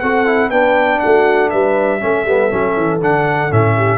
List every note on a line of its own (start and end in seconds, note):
0.00 0.50 C4
0.00 0.26 F#4
0.00 0.51 A4
0.00 0.50 F#5
0.26 0.51 E4
0.50 1.00 B3
0.50 2.01 D4
0.50 1.01 B4
0.50 1.00 G5
1.00 1.53 A3
1.00 1.51 F#4
1.00 1.50 F#5
1.50 2.03 G3
1.50 2.01 B4
1.50 3.00 E5
2.01 2.26 A3
2.01 2.26 C#4
2.01 3.77 A4
2.26 2.51 G3
2.26 2.51 B3
2.51 2.77 F#3
2.51 3.01 C#4
2.77 3.01 E3
3.01 3.51 D3
3.01 3.51 D4
3.01 3.52 F#5
3.51 3.98 A2
3.51 3.98 C#4
3.51 3.98 E5
3.77 3.98 G4